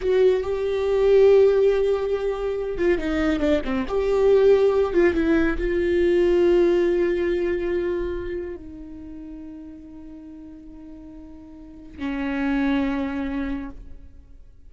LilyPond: \new Staff \with { instrumentName = "viola" } { \time 4/4 \tempo 4 = 140 fis'4 g'2.~ | g'2~ g'8 f'8 dis'4 | d'8 c'8 g'2~ g'8 f'8 | e'4 f'2.~ |
f'1 | dis'1~ | dis'1 | cis'1 | }